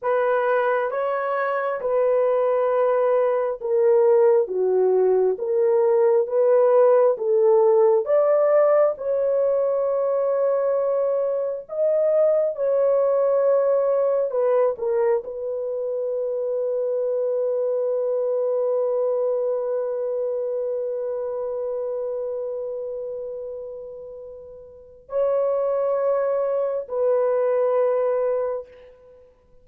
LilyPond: \new Staff \with { instrumentName = "horn" } { \time 4/4 \tempo 4 = 67 b'4 cis''4 b'2 | ais'4 fis'4 ais'4 b'4 | a'4 d''4 cis''2~ | cis''4 dis''4 cis''2 |
b'8 ais'8 b'2.~ | b'1~ | b'1 | cis''2 b'2 | }